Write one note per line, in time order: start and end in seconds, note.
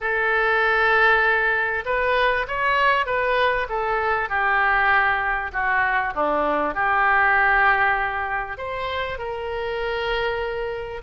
0.00 1.84 A4
1.85 2.46 B4
2.47 3.06 C#5
3.06 3.67 B4
3.69 4.29 A4
4.29 5.51 G4
5.52 6.13 F#4
6.14 6.74 D4
6.74 8.57 G4
8.57 9.18 C5
9.18 11.02 A#4